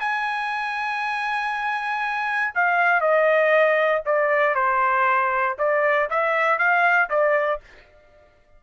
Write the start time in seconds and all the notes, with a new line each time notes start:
0.00 G#5
2.55 F5
3.01 D#5
4.06 D5
4.55 C5
5.59 D5
6.10 E5
6.58 F5
7.10 D5